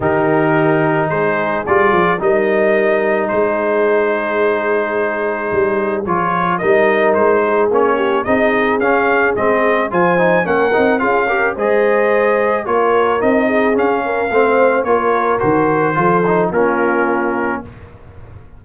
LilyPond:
<<
  \new Staff \with { instrumentName = "trumpet" } { \time 4/4 \tempo 4 = 109 ais'2 c''4 d''4 | dis''2 c''2~ | c''2. cis''4 | dis''4 c''4 cis''4 dis''4 |
f''4 dis''4 gis''4 fis''4 | f''4 dis''2 cis''4 | dis''4 f''2 cis''4 | c''2 ais'2 | }
  \new Staff \with { instrumentName = "horn" } { \time 4/4 g'2 gis'2 | ais'2 gis'2~ | gis'1 | ais'4. gis'4 g'8 gis'4~ |
gis'2 c''4 ais'4 | gis'8 ais'8 c''2 ais'4~ | ais'8 gis'4 ais'8 c''4 ais'4~ | ais'4 a'4 f'2 | }
  \new Staff \with { instrumentName = "trombone" } { \time 4/4 dis'2. f'4 | dis'1~ | dis'2. f'4 | dis'2 cis'4 dis'4 |
cis'4 c'4 f'8 dis'8 cis'8 dis'8 | f'8 g'8 gis'2 f'4 | dis'4 cis'4 c'4 f'4 | fis'4 f'8 dis'8 cis'2 | }
  \new Staff \with { instrumentName = "tuba" } { \time 4/4 dis2 gis4 g8 f8 | g2 gis2~ | gis2 g4 f4 | g4 gis4 ais4 c'4 |
cis'4 gis4 f4 ais8 c'8 | cis'4 gis2 ais4 | c'4 cis'4 a4 ais4 | dis4 f4 ais2 | }
>>